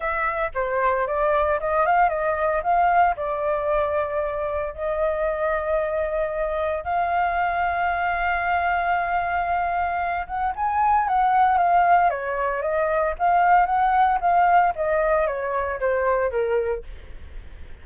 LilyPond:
\new Staff \with { instrumentName = "flute" } { \time 4/4 \tempo 4 = 114 e''4 c''4 d''4 dis''8 f''8 | dis''4 f''4 d''2~ | d''4 dis''2.~ | dis''4 f''2.~ |
f''2.~ f''8 fis''8 | gis''4 fis''4 f''4 cis''4 | dis''4 f''4 fis''4 f''4 | dis''4 cis''4 c''4 ais'4 | }